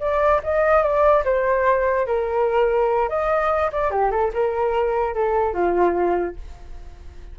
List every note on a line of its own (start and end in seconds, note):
0.00 0.41 D5
0.44 0.83 D#5
0.83 1.24 D5
1.25 2.07 C5
2.07 3.09 A#4
3.09 3.71 D#5
3.73 3.91 D5
3.91 4.11 G4
4.11 4.32 A4
4.34 5.14 A#4
5.14 5.54 A4
5.54 6.36 F4